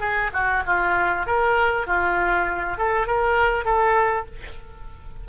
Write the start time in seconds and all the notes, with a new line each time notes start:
0.00 G#4
0.33 F#4
0.66 F4
1.26 A#4
1.87 F4
2.78 A4
3.07 A#4
3.64 A4